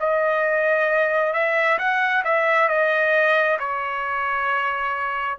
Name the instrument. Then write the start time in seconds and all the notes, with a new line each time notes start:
trumpet
0.00 D#5
1.33 E5
1.79 F#5
2.24 E5
2.69 D#5
3.59 C#5